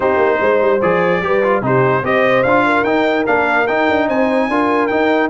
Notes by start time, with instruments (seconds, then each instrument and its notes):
0.00 tuba C4, trombone D#4, horn G4, trumpet C5
0.16 tuba A#3
0.40 tuba G#3, horn C5
0.61 tuba G3
0.81 tuba F3, trombone G#4, trumpet D5
1.21 tuba G3, trombone G4, horn B4
1.43 trombone F4
1.61 tuba C3, trombone D#4, horn G4, trumpet C5
2.03 tuba C4, trombone G4, horn C5, trumpet D#5
2.43 tuba D4, trombone F4, trumpet F5
2.65 horn A#4
2.83 tuba D#4, trombone D#4, trumpet G5
3.26 tuba A#3, trombone D4, trumpet F5
3.67 tuba D#4, trombone D#4, trumpet G5
3.88 tuba D4
4.08 tuba C4, horn C5, trumpet G#5
4.48 tuba D4, trombone F4, horn A#4
4.87 trombone D#4, tuba D#4, trumpet G5